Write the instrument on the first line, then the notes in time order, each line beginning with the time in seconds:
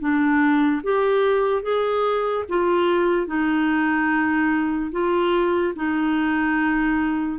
clarinet
0.00 D4
0.84 G4
1.63 G#4
2.50 F4
3.27 D#4
4.92 F4
5.76 D#4